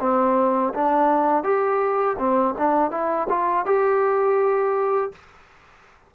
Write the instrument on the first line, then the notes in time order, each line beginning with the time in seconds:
trombone
0.00 C4
0.74 D4
1.43 G4
2.18 C4
2.58 D4
2.91 E4
3.29 F4
3.66 G4